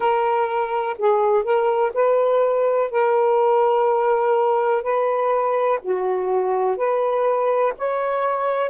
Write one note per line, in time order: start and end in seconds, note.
0.00 0.96 A#4
0.98 1.43 G#4
1.43 1.91 A#4
1.94 2.90 B4
2.90 4.82 A#4
4.82 5.79 B4
5.82 6.76 F#4
6.76 7.73 B4
7.78 8.70 C#5